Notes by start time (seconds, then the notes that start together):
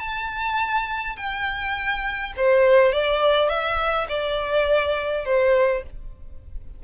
0.00 A5
1.17 G5
2.37 C5
2.92 D5
3.49 E5
4.09 D5
5.25 C5